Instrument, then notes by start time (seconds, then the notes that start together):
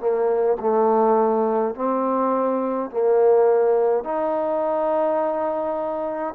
trombone
0.00 A#3
0.60 A3
1.75 C4
2.91 A#3
4.04 D#4